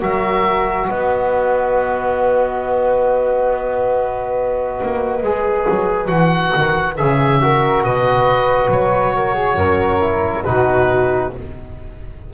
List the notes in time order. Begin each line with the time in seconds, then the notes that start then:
0.00 F#3 F#4 A#4 E5
0.87 B3 B4 D#5
4.82 A#3
5.22 G#3 G#4
5.70 F#3
6.07 E3 F#4 F#5
6.56 D#3
6.97 C#3 G#4 E5
7.41 F#4 A#4
7.83 B2 B4 D#5
8.69 F#3 C#5
9.16 A#4
9.34 G#4
9.55 F#2 A#4
10.00 E4
10.44 B2 D#4 F#4 B4